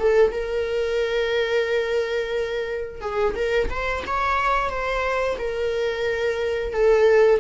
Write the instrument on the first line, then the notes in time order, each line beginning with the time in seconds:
viola
0.00 A4
0.32 A#4
3.01 G#4
3.36 A#4
3.70 C5
4.07 C#5
4.70 C5
5.38 A#4
6.73 A4